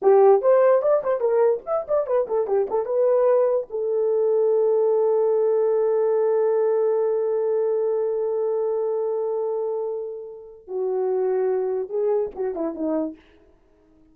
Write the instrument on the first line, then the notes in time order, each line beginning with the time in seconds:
horn
0.01 G4
0.41 C5
0.81 D5
1.03 C5
1.20 A#4
1.66 E5
1.88 D5
2.06 B4
2.27 A4
2.47 G4
2.69 A4
2.85 B4
3.69 A4
10.67 F#4
11.89 G#4
12.35 F#4
12.55 E4
12.74 D#4